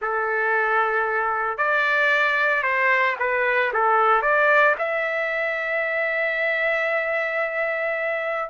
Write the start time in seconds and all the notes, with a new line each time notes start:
0.01 A4
1.57 D5
2.62 C5
3.19 B4
3.73 A4
4.22 D5
4.78 E5